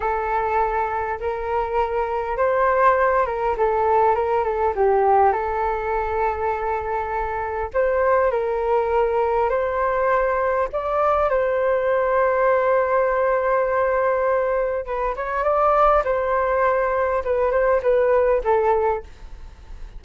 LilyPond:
\new Staff \with { instrumentName = "flute" } { \time 4/4 \tempo 4 = 101 a'2 ais'2 | c''4. ais'8 a'4 ais'8 a'8 | g'4 a'2.~ | a'4 c''4 ais'2 |
c''2 d''4 c''4~ | c''1~ | c''4 b'8 cis''8 d''4 c''4~ | c''4 b'8 c''8 b'4 a'4 | }